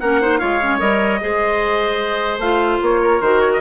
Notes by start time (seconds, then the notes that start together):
0.00 A#3 C#4 A#4 F#5
0.21 D#4 C5
0.39 G#3 F4 C#5 F5
0.62 C#4
0.79 G3 A#4 D#5
1.21 G#3 G#4 C5
2.38 A3 F4 F5
2.82 A#3 C#5
3.02 A#4
3.21 D#3 F#4 C5
3.41 C#5
3.53 D#5